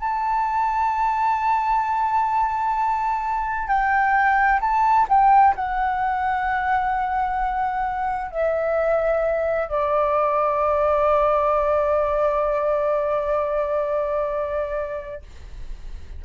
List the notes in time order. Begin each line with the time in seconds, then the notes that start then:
0.00 A5
3.68 G5
4.61 A5
5.09 G5
5.56 F#5
8.31 E5
9.69 D5